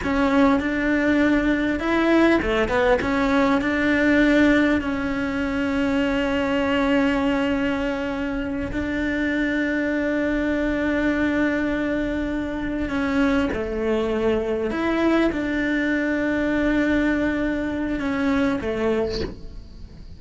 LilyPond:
\new Staff \with { instrumentName = "cello" } { \time 4/4 \tempo 4 = 100 cis'4 d'2 e'4 | a8 b8 cis'4 d'2 | cis'1~ | cis'2~ cis'8 d'4.~ |
d'1~ | d'4. cis'4 a4.~ | a8 e'4 d'2~ d'8~ | d'2 cis'4 a4 | }